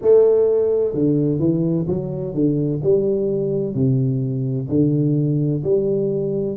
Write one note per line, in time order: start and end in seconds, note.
0.01 0.94 A3
0.94 1.38 D3
1.38 1.85 E3
1.87 2.34 F#3
2.34 2.81 D3
2.83 3.74 G3
3.74 4.67 C3
4.69 5.62 D3
5.63 6.56 G3